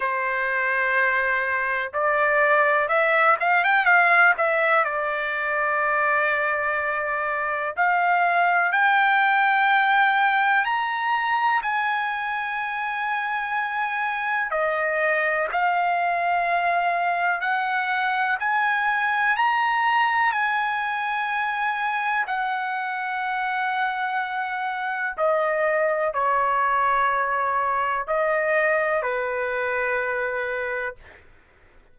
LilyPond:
\new Staff \with { instrumentName = "trumpet" } { \time 4/4 \tempo 4 = 62 c''2 d''4 e''8 f''16 g''16 | f''8 e''8 d''2. | f''4 g''2 ais''4 | gis''2. dis''4 |
f''2 fis''4 gis''4 | ais''4 gis''2 fis''4~ | fis''2 dis''4 cis''4~ | cis''4 dis''4 b'2 | }